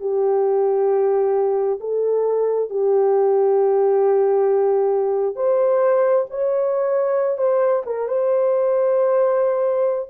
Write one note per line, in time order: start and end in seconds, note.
0.00 1.79 G4
1.80 2.69 A4
2.69 5.35 G4
5.35 6.25 C5
6.30 7.37 C#5
7.37 7.82 C5
7.85 8.08 A#4
8.08 10.09 C5